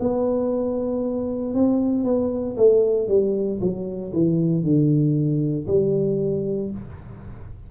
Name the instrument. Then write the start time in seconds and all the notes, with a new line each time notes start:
tuba
0.00 B3
1.54 C4
2.04 B3
2.57 A3
3.08 G3
3.61 F#3
4.13 E3
4.63 D3
5.67 G3